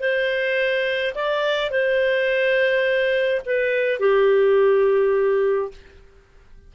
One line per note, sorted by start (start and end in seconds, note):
0.00 1.14 C5
1.15 1.70 D5
1.70 3.42 C5
3.46 4.00 B4
4.00 5.71 G4